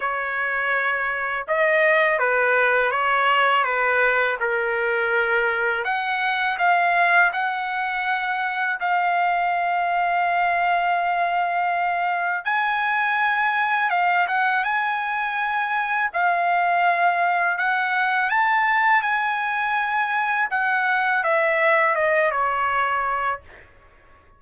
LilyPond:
\new Staff \with { instrumentName = "trumpet" } { \time 4/4 \tempo 4 = 82 cis''2 dis''4 b'4 | cis''4 b'4 ais'2 | fis''4 f''4 fis''2 | f''1~ |
f''4 gis''2 f''8 fis''8 | gis''2 f''2 | fis''4 a''4 gis''2 | fis''4 e''4 dis''8 cis''4. | }